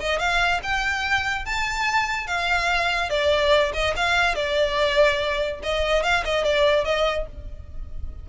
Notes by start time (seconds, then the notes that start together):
0.00 D#5
0.19 F5
0.63 G5
1.46 A5
2.27 F5
3.10 D5
3.73 D#5
3.96 F5
4.35 D5
5.63 D#5
6.03 F5
6.25 D#5
6.44 D5
6.85 D#5